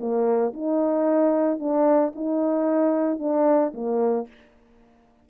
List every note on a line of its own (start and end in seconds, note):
0.00 0.54 A#3
0.54 1.60 D#4
1.60 2.13 D4
2.16 3.19 D#4
3.19 3.73 D4
3.74 4.28 A#3